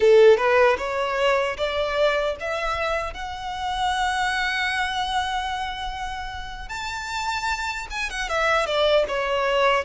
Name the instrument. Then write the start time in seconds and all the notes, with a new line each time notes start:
violin
0.00 A4
0.37 B4
0.77 C#5
1.57 D5
2.39 E5
3.13 F#5
6.69 A5
7.90 G#5
8.10 F#5
8.29 E5
8.66 D5
9.08 C#5